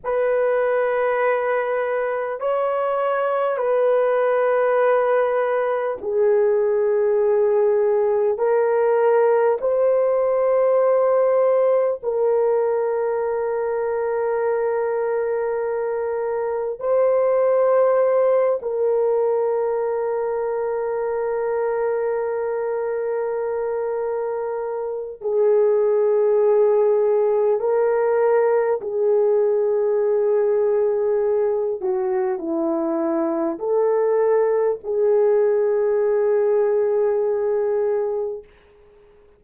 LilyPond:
\new Staff \with { instrumentName = "horn" } { \time 4/4 \tempo 4 = 50 b'2 cis''4 b'4~ | b'4 gis'2 ais'4 | c''2 ais'2~ | ais'2 c''4. ais'8~ |
ais'1~ | ais'4 gis'2 ais'4 | gis'2~ gis'8 fis'8 e'4 | a'4 gis'2. | }